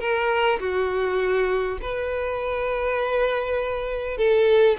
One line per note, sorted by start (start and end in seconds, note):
0.00 0.59 A#4
0.60 1.78 F#4
1.82 4.18 B4
4.18 4.77 A4